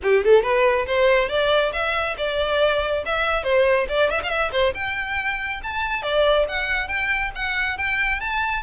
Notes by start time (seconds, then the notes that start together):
0.02 G4
0.24 A4
0.42 B4
0.86 C5
1.28 D5
1.73 E5
2.17 D5
3.05 E5
3.43 C5
3.88 D5
4.10 E5
4.23 F5
4.29 E5
4.52 C5
4.74 G5
5.63 A5
6.02 D5
6.48 F#5
6.88 G5
7.35 F#5
7.77 G5
8.20 A5